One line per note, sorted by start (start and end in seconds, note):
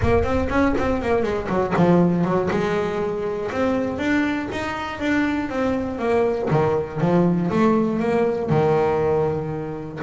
0.02 0.23 A#3
0.23 0.48 C4
0.49 0.74 C#4
0.78 1.02 C4
1.02 1.22 A#3
1.22 1.47 G#3
1.48 1.73 F#3
1.76 2.24 F3
2.24 2.49 F#3
2.50 3.50 G#3
3.51 3.98 C4
3.98 4.48 D4
4.51 4.99 D#4
4.99 5.49 D4
5.49 5.98 C4
5.98 6.48 A#3
6.50 7.00 D#3
7.00 7.50 F3
7.50 7.99 A3
7.99 8.49 A#3
8.49 9.99 D#3